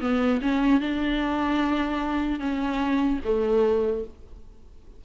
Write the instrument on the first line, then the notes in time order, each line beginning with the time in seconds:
viola
0.00 B3
0.41 C#4
0.80 D4
2.39 C#4
3.24 A3